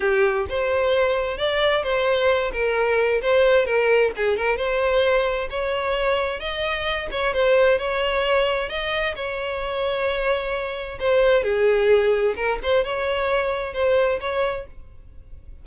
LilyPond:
\new Staff \with { instrumentName = "violin" } { \time 4/4 \tempo 4 = 131 g'4 c''2 d''4 | c''4. ais'4. c''4 | ais'4 gis'8 ais'8 c''2 | cis''2 dis''4. cis''8 |
c''4 cis''2 dis''4 | cis''1 | c''4 gis'2 ais'8 c''8 | cis''2 c''4 cis''4 | }